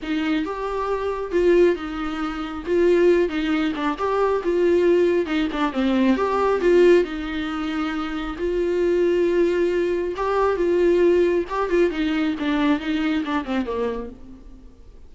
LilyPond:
\new Staff \with { instrumentName = "viola" } { \time 4/4 \tempo 4 = 136 dis'4 g'2 f'4 | dis'2 f'4. dis'8~ | dis'8 d'8 g'4 f'2 | dis'8 d'8 c'4 g'4 f'4 |
dis'2. f'4~ | f'2. g'4 | f'2 g'8 f'8 dis'4 | d'4 dis'4 d'8 c'8 ais4 | }